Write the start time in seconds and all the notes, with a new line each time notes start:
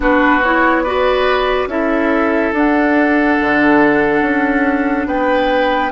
0.00 B3 D4 F#4 B4
0.42 E4 C#5
0.83 F#4 B4 D5
1.66 C#4 E4 A4 E5
2.52 D4 F#5
3.40 D3
4.21 C#4
5.07 B3 B4 G5